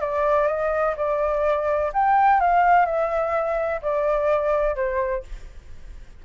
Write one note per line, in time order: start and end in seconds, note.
0.00 0.47 D5
0.47 0.94 D#5
0.96 1.92 D5
1.93 2.40 G5
2.40 2.85 F5
2.85 3.81 E5
3.81 4.75 D5
4.75 5.23 C5